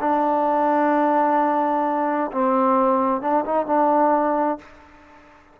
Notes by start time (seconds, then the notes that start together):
0.00 D4
2.32 C4
3.21 D4
3.45 D#4
3.66 D4